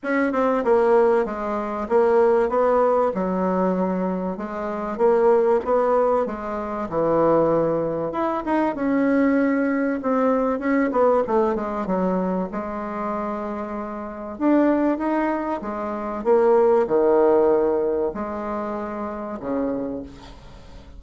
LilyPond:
\new Staff \with { instrumentName = "bassoon" } { \time 4/4 \tempo 4 = 96 cis'8 c'8 ais4 gis4 ais4 | b4 fis2 gis4 | ais4 b4 gis4 e4~ | e4 e'8 dis'8 cis'2 |
c'4 cis'8 b8 a8 gis8 fis4 | gis2. d'4 | dis'4 gis4 ais4 dis4~ | dis4 gis2 cis4 | }